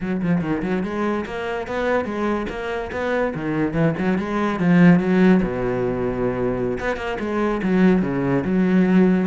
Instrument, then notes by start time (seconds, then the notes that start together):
cello
0.00 F#3
0.22 F3
0.41 D#3
0.62 F#3
0.83 G#3
1.25 A#3
1.67 B3
2.04 G#3
2.49 A#3
2.91 B3
3.34 D#3
3.73 E3
3.98 F#3
4.18 G#3
4.59 F3
4.99 F#3
5.43 B2
6.79 B3
6.96 A#3
7.19 G#3
7.62 F#3
8.02 C#3
8.44 F#3